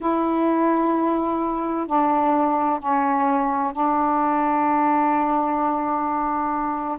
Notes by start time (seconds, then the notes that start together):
0.00 E4
1.86 D4
2.79 C#4
3.73 D4